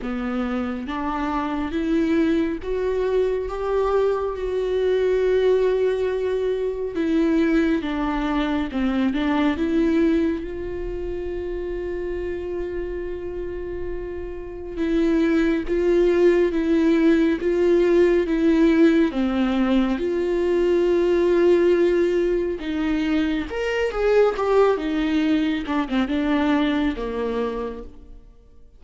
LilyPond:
\new Staff \with { instrumentName = "viola" } { \time 4/4 \tempo 4 = 69 b4 d'4 e'4 fis'4 | g'4 fis'2. | e'4 d'4 c'8 d'8 e'4 | f'1~ |
f'4 e'4 f'4 e'4 | f'4 e'4 c'4 f'4~ | f'2 dis'4 ais'8 gis'8 | g'8 dis'4 d'16 c'16 d'4 ais4 | }